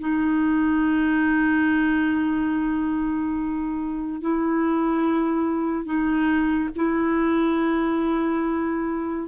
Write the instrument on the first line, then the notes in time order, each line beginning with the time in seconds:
clarinet
0.00 D#4
4.21 E4
5.85 D#4
6.76 E4